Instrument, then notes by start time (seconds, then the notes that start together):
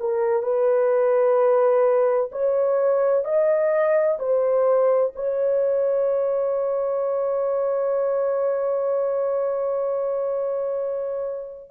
horn
0.00 A#4
0.43 B4
2.32 C#5
3.25 D#5
4.19 C5
5.16 C#5